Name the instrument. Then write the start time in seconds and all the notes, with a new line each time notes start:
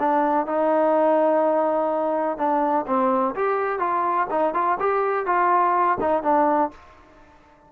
trombone
0.00 D4
0.47 D#4
2.38 D4
2.87 C4
3.36 G4
3.80 F4
4.31 D#4
4.55 F4
4.80 G4
5.26 F4
6.01 D#4
6.23 D4